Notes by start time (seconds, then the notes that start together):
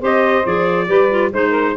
0.00 C4 G4 C5 D#5
0.44 F3 G#4 D5
0.87 G3 G4 B4
1.10 F4
1.32 G#3 D#4 C5
1.50 A#4